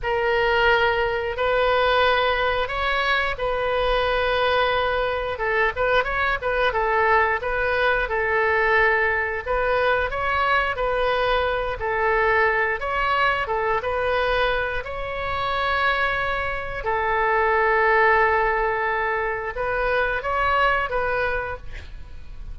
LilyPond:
\new Staff \with { instrumentName = "oboe" } { \time 4/4 \tempo 4 = 89 ais'2 b'2 | cis''4 b'2. | a'8 b'8 cis''8 b'8 a'4 b'4 | a'2 b'4 cis''4 |
b'4. a'4. cis''4 | a'8 b'4. cis''2~ | cis''4 a'2.~ | a'4 b'4 cis''4 b'4 | }